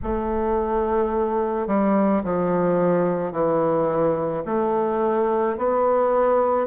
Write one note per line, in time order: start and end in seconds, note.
0.03 1.67 A3
1.67 2.22 G3
2.23 3.32 F3
3.32 4.43 E3
4.45 5.57 A3
5.57 6.67 B3